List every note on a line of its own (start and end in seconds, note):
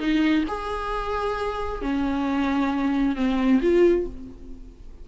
0.00 0.45 D#4
0.48 1.82 G#4
1.82 3.16 C#4
3.16 3.61 C4
3.62 4.07 F4